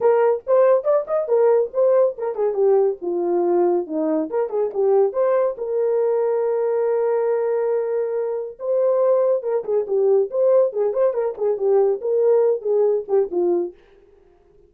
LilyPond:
\new Staff \with { instrumentName = "horn" } { \time 4/4 \tempo 4 = 140 ais'4 c''4 d''8 dis''8 ais'4 | c''4 ais'8 gis'8 g'4 f'4~ | f'4 dis'4 ais'8 gis'8 g'4 | c''4 ais'2.~ |
ais'1 | c''2 ais'8 gis'8 g'4 | c''4 gis'8 c''8 ais'8 gis'8 g'4 | ais'4. gis'4 g'8 f'4 | }